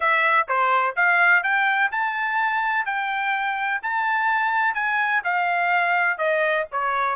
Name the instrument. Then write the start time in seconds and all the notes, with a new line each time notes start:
trumpet
0.00 E5
0.47 C5
0.96 F5
1.43 G5
1.91 A5
2.85 G5
3.82 A5
4.74 G#5
5.23 F5
6.18 D#5
6.71 C#5